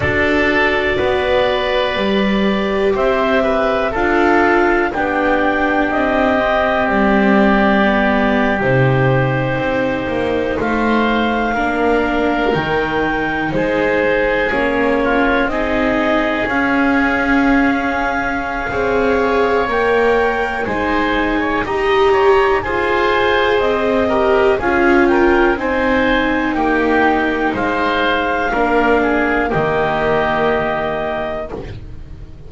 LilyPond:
<<
  \new Staff \with { instrumentName = "clarinet" } { \time 4/4 \tempo 4 = 61 d''2. e''4 | f''4 g''4 dis''4 d''4~ | d''8. c''2 f''4~ f''16~ | f''8. g''4 c''4 cis''4 dis''16~ |
dis''8. f''2.~ f''16 | g''4 gis''4 ais''4 gis''4 | dis''4 f''8 g''8 gis''4 g''4 | f''2 dis''2 | }
  \new Staff \with { instrumentName = "oboe" } { \time 4/4 a'4 b'2 c''8 b'8 | a'4 g'2.~ | g'2~ g'8. c''4 ais'16~ | ais'4.~ ais'16 gis'4. f'8 gis'16~ |
gis'2. cis''4~ | cis''4 c''8. cis''16 dis''8 cis''8 c''4~ | c''8 ais'8 gis'8 ais'8 c''4 g'4 | c''4 ais'8 gis'8 g'2 | }
  \new Staff \with { instrumentName = "viola" } { \time 4/4 fis'2 g'2 | f'4 d'4. c'4. | b8. dis'2. d'16~ | d'8. dis'2 cis'4 dis'16~ |
dis'8. cis'2~ cis'16 gis'4 | ais'4 dis'4 g'4 gis'4~ | gis'8 g'8 f'4 dis'2~ | dis'4 d'4 ais2 | }
  \new Staff \with { instrumentName = "double bass" } { \time 4/4 d'4 b4 g4 c'4 | d'4 b4 c'4 g4~ | g8. c4 c'8 ais8 a4 ais16~ | ais8. dis4 gis4 ais4 c'16~ |
c'8. cis'2~ cis'16 c'4 | ais4 gis4 dis'4 f'4 | c'4 cis'4 c'4 ais4 | gis4 ais4 dis2 | }
>>